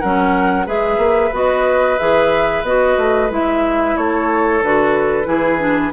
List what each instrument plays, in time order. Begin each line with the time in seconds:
0.00 bassoon F#3, clarinet C#4, oboe A#4, flute F#5
0.66 bassoon G#3, clarinet G#4, oboe B4, flute E5
0.97 bassoon A#3
1.32 bassoon B3, clarinet F#4, flute D#5
1.98 bassoon E3, clarinet G#4, flute E5
2.63 bassoon B3, clarinet F#4, flute D#5
2.98 bassoon A3
3.30 bassoon G#3, clarinet E4, flute E5
3.97 bassoon A3, oboe A4, flute C#5
4.62 bassoon D3, clarinet F#4, flute B4
5.24 bassoon E3, clarinet E4, oboe G#4
5.59 clarinet D4